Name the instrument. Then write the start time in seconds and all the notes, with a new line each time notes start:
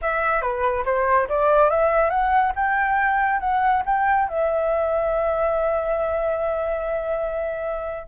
flute
0.01 E5
0.41 B4
0.85 C5
1.29 D5
1.70 E5
2.10 F#5
2.55 G5
3.40 F#5
3.85 G5
4.28 E5